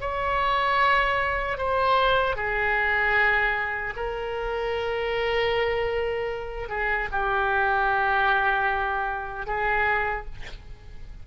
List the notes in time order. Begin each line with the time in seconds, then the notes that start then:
0.00 C#5
1.58 C5
2.35 G#4
3.96 A#4
6.69 G#4
7.11 G4
9.46 G#4